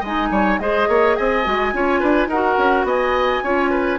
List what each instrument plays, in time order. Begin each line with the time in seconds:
0.00 bassoon G#3, oboe D#5, flute G#5
0.06 clarinet D#4
0.31 bassoon G3, oboe C#5
0.60 bassoon G#3, clarinet G#4, oboe C5, flute D#5
0.88 bassoon A#3, oboe C#5
1.16 bassoon C4, oboe D#5, flute G#5
1.44 bassoon G#3, clarinet F#4
1.73 bassoon C#4, clarinet F4, oboe C#5
2.00 bassoon D4, oboe B4
2.27 bassoon D#4, oboe A#4, flute F#5
2.33 clarinet F#4
2.58 bassoon C#4
2.84 bassoon B3, oboe D#5, flute G#5
3.44 bassoon C#4, clarinet F4, oboe C#5
3.71 oboe B4